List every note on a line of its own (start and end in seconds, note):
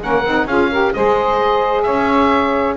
0.00 0.26 A#3
0.00 0.23 C#4
0.00 0.48 A#4
0.00 0.48 F#5
0.26 0.46 C4
0.26 0.48 D#4
0.46 0.92 C#4
0.46 0.71 F4
0.46 0.71 G#4
0.46 0.94 F5
0.71 0.95 G4
0.71 0.94 A#4
0.94 1.88 G#3
0.94 2.77 G#4
0.94 1.84 C5
0.94 1.83 D#5
1.83 2.77 C#4
1.83 2.76 C#5
1.83 2.74 E5